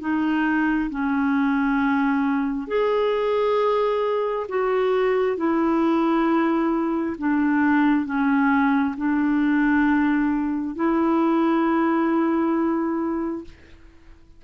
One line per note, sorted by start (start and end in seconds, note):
0.00 0.90 D#4
0.90 2.67 C#4
2.67 4.47 G#4
4.48 5.37 F#4
5.37 7.16 E4
7.18 8.06 D4
8.06 8.95 C#4
8.97 10.75 D4
10.75 13.44 E4